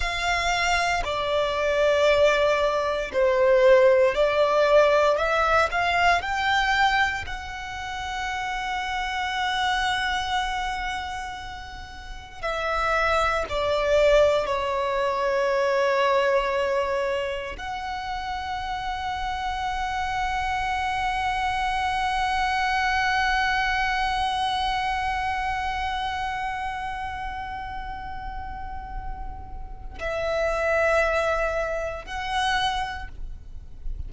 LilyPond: \new Staff \with { instrumentName = "violin" } { \time 4/4 \tempo 4 = 58 f''4 d''2 c''4 | d''4 e''8 f''8 g''4 fis''4~ | fis''1 | e''4 d''4 cis''2~ |
cis''4 fis''2.~ | fis''1~ | fis''1~ | fis''4 e''2 fis''4 | }